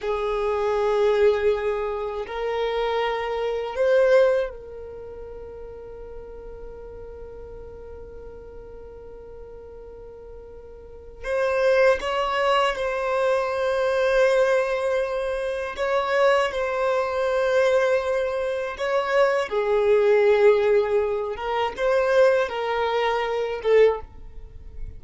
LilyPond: \new Staff \with { instrumentName = "violin" } { \time 4/4 \tempo 4 = 80 gis'2. ais'4~ | ais'4 c''4 ais'2~ | ais'1~ | ais'2. c''4 |
cis''4 c''2.~ | c''4 cis''4 c''2~ | c''4 cis''4 gis'2~ | gis'8 ais'8 c''4 ais'4. a'8 | }